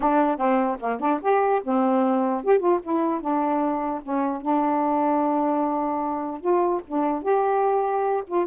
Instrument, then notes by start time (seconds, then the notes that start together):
saxophone
0.00 D4
0.37 C4
0.80 A#3
1.00 D4
1.21 G4
1.63 C4
2.44 G4
2.59 F4
2.83 E4
3.20 D4
4.02 C#4
4.41 D4
6.40 F4
6.87 D4
7.22 G4
8.27 F4